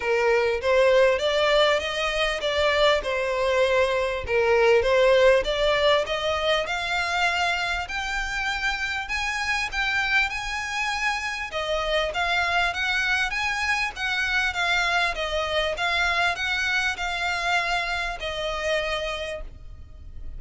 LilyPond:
\new Staff \with { instrumentName = "violin" } { \time 4/4 \tempo 4 = 99 ais'4 c''4 d''4 dis''4 | d''4 c''2 ais'4 | c''4 d''4 dis''4 f''4~ | f''4 g''2 gis''4 |
g''4 gis''2 dis''4 | f''4 fis''4 gis''4 fis''4 | f''4 dis''4 f''4 fis''4 | f''2 dis''2 | }